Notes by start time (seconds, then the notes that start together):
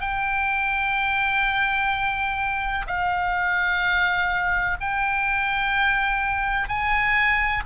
0.00 G5
2.87 F5
4.81 G5
6.68 G#5